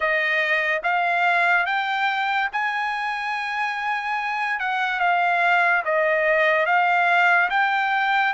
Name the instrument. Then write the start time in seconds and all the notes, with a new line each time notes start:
trumpet
0.00 D#5
0.83 F5
1.66 G5
2.52 G#5
4.59 F#5
4.99 F5
5.84 D#5
6.66 F5
7.50 G5